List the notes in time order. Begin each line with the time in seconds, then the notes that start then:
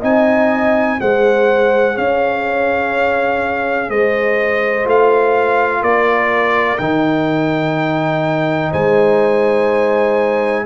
0.00 C4 D#4 D#5 G#5
1.00 G#3 G#4 C5 F#5
1.95 C#4 C#5 F5
3.90 G#3 C5 D#5
4.84 A3 F4 F5
5.82 A#3 A#4 D5
6.78 D#3 D#4 G5
8.71 G#3 C5 G#5